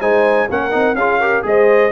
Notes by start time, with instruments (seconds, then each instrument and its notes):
0.00 tuba G#3, trombone D#4, horn C5, trumpet G#5
0.50 tuba A#3, trombone C#4, horn A#4, trumpet F#5
0.70 tuba C4, trombone D#4
0.94 tuba C#4, trombone F4, horn G#4, trumpet F5
1.20 trombone G4, horn A#4
1.42 tuba G#3, trombone G#4, horn C5, trumpet D#5